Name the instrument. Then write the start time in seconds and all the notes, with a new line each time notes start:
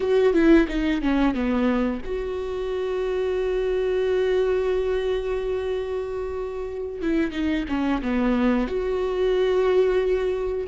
viola
0.00 F#4
0.33 E4
0.68 D#4
1.01 C#4
1.34 B3
2.05 F#4
7.01 E4
7.32 D#4
7.68 C#4
8.02 B3
8.67 F#4